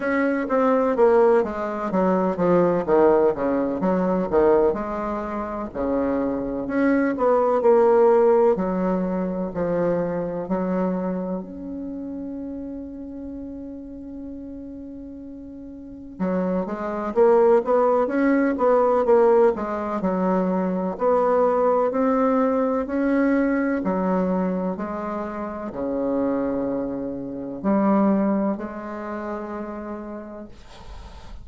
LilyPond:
\new Staff \with { instrumentName = "bassoon" } { \time 4/4 \tempo 4 = 63 cis'8 c'8 ais8 gis8 fis8 f8 dis8 cis8 | fis8 dis8 gis4 cis4 cis'8 b8 | ais4 fis4 f4 fis4 | cis'1~ |
cis'4 fis8 gis8 ais8 b8 cis'8 b8 | ais8 gis8 fis4 b4 c'4 | cis'4 fis4 gis4 cis4~ | cis4 g4 gis2 | }